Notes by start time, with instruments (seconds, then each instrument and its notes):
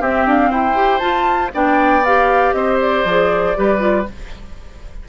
0.00 bassoon C4, clarinet C4, oboe G4, flute E5
0.26 bassoon D4, flute F5
0.50 bassoon E4, oboe C5, flute G5
0.74 clarinet G4
0.98 clarinet F4, bassoon F4, flute A5
1.52 bassoon B3, clarinet D4, oboe D5, flute G5
2.05 clarinet G4, flute F5
2.52 bassoon C4, oboe C5, flute D#5
2.80 flute D5
3.05 bassoon F3, clarinet G#4
3.55 bassoon G3, clarinet G4, oboe B4
3.78 clarinet F4